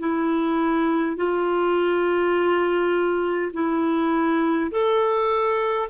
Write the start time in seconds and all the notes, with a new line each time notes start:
0.00 E4
1.17 F4
3.53 E4
4.72 A4